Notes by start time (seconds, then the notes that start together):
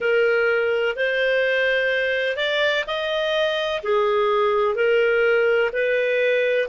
0.00 A#4
0.95 C5
2.36 D5
2.87 D#5
3.83 G#4
4.74 A#4
5.72 B4